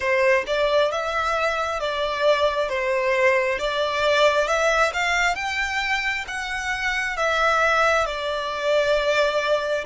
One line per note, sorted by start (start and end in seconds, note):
0.00 0.44 C5
0.46 0.91 D5
0.91 1.80 E5
1.80 2.69 D5
2.69 3.58 C5
3.58 4.47 D5
4.47 4.92 E5
4.93 5.35 F5
5.35 6.24 G5
6.27 7.16 F#5
7.16 8.06 E5
8.06 9.85 D5